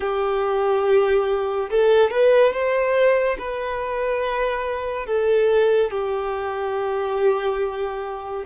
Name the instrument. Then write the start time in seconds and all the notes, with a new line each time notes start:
violin
0.00 G4
1.70 A4
2.10 B4
2.52 C5
3.38 B4
5.06 A4
5.90 G4